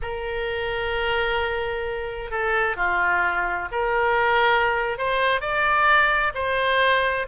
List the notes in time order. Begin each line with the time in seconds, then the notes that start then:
0.01 A#4
2.31 A4
2.76 F4
3.71 A#4
4.97 C5
5.40 D5
6.34 C5